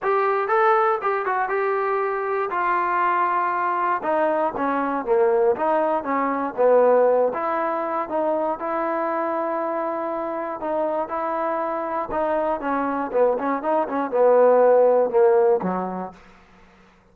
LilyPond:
\new Staff \with { instrumentName = "trombone" } { \time 4/4 \tempo 4 = 119 g'4 a'4 g'8 fis'8 g'4~ | g'4 f'2. | dis'4 cis'4 ais4 dis'4 | cis'4 b4. e'4. |
dis'4 e'2.~ | e'4 dis'4 e'2 | dis'4 cis'4 b8 cis'8 dis'8 cis'8 | b2 ais4 fis4 | }